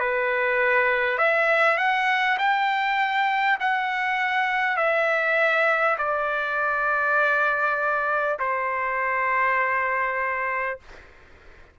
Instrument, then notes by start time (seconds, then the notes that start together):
trumpet
0.00 B4
1.19 E5
1.78 F#5
2.39 G5
3.61 F#5
4.77 E5
5.99 D5
8.39 C5